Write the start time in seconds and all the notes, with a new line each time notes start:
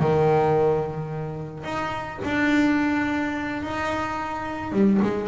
0.00 D#3
1.64 D#4
2.24 D4
3.63 D#4
4.73 G3
5.02 G#3